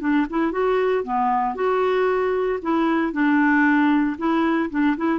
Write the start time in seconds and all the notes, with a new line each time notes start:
0.00 D4
0.30 E4
0.52 F#4
1.04 B3
1.55 F#4
2.62 E4
3.12 D4
4.17 E4
4.70 D4
4.97 E4